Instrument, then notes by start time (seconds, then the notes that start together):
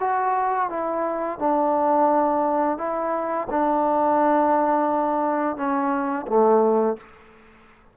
trombone
0.00 F#4
0.69 E4
1.39 D4
2.78 E4
3.50 D4
5.57 C#4
6.27 A3